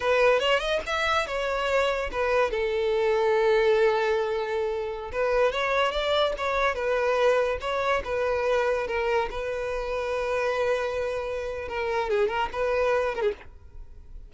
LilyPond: \new Staff \with { instrumentName = "violin" } { \time 4/4 \tempo 4 = 144 b'4 cis''8 dis''8 e''4 cis''4~ | cis''4 b'4 a'2~ | a'1~ | a'16 b'4 cis''4 d''4 cis''8.~ |
cis''16 b'2 cis''4 b'8.~ | b'4~ b'16 ais'4 b'4.~ b'16~ | b'1 | ais'4 gis'8 ais'8 b'4. ais'16 gis'16 | }